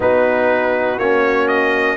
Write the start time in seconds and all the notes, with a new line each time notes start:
0.00 B3 D#4 F#4 B4
0.98 A#3 C#4 C#5
1.48 D#5